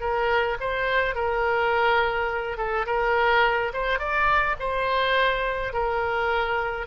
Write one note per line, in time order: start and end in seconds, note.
0.00 0.57 A#4
0.60 1.15 C5
1.15 2.57 A#4
2.57 2.86 A4
2.86 3.72 A#4
3.73 3.98 C5
3.98 4.56 D5
4.59 5.72 C5
5.72 6.86 A#4